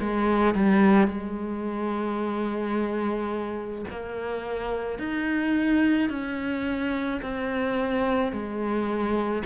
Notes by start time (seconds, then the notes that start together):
0.00 G#3
0.55 G3
1.07 G#3
3.90 A#3
4.98 D#4
6.09 C#4
7.22 C4
8.32 G#3